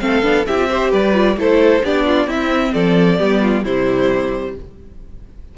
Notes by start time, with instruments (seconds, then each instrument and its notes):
0.00 cello A3, viola C4, violin A4 F5
0.23 cello B3, viola D4
0.47 cello C4, viola E4, violin G4 E5
0.57 viola F4
0.70 viola G4, violin C5
0.91 cello G3, violin B4 D5
1.14 viola F4
1.37 cello A3, viola E4, violin A4 C5
1.84 cello B3, viola D4, violin G4 D5
2.06 violin F4
2.27 cello C4, viola C4, violin E4 E5
2.74 cello F3, violin A4 D5
3.18 cello G3, viola B3, violin G4
3.42 violin F4
3.64 cello C3, viola G3, violin E4 C5